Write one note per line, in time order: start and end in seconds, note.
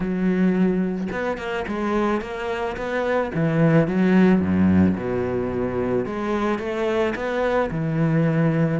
0.00 1.08 F#3
1.12 1.37 B3
1.37 1.65 A#3
1.67 2.21 G#3
2.21 2.76 A#3
2.76 3.31 B3
3.34 3.87 E3
3.87 4.40 F#3
4.40 4.95 F#2
4.96 6.05 B2
6.05 6.58 G#3
6.58 7.13 A3
7.15 7.70 B3
7.70 8.80 E3